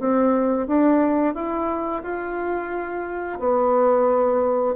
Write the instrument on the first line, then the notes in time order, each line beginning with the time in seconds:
bassoon
0.00 C4
0.68 D4
1.35 E4
2.03 F4
3.40 B3